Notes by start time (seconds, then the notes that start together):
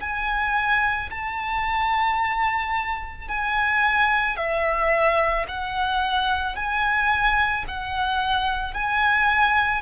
0.00 G#5
1.11 A5
3.28 G#5
4.37 E5
5.48 F#5
6.56 G#5
7.68 F#5
8.74 G#5